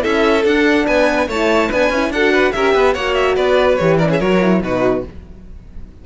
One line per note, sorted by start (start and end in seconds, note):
0.00 0.45 C#4
0.00 0.42 E4
0.00 0.85 A4
0.00 0.45 E5
0.45 0.86 D4
0.45 1.30 D4
0.45 0.86 F#5
0.85 1.27 B3
0.85 1.27 B4
0.85 1.28 G#5
1.27 1.69 A3
1.27 1.71 E4
1.27 1.68 C#5
1.27 1.71 A5
1.68 1.89 B3
1.68 1.92 D4
1.68 2.10 B4
1.68 2.12 G#5
1.89 2.09 C#4
1.89 2.13 E4
2.09 2.51 D4
2.09 2.55 F#4
2.09 2.32 A4
2.09 2.52 F#5
2.32 2.53 B4
2.52 2.74 C#4
2.52 2.96 G4
2.52 2.73 A#4
2.52 2.93 E5
2.73 2.95 B3
2.73 2.94 B4
2.94 3.37 A#3
2.94 3.80 F#4
2.94 3.35 C#5
2.94 3.14 F#5
3.14 3.35 E5
3.35 3.78 B3
3.35 3.97 B4
3.35 3.76 D5
3.76 4.20 E3
3.76 4.01 G4
3.76 3.96 C#5
3.97 4.21 C#4
3.97 4.07 A#4
3.97 4.09 D5
4.10 4.19 G#4
4.10 4.20 E5
4.19 4.61 F#3
4.19 4.41 F#4
4.19 4.61 A#4
4.19 4.62 C#5
4.41 4.62 E4
4.61 5.03 B2
4.61 5.04 D#4
4.61 5.05 F#4
4.61 5.05 B4